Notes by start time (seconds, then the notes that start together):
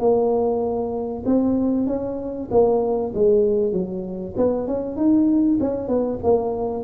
0.00 A#3
1.26 C4
1.87 C#4
2.51 A#3
3.15 G#3
3.73 F#3
4.37 B3
4.68 C#4
4.97 D#4
5.61 C#4
5.88 B3
6.24 A#3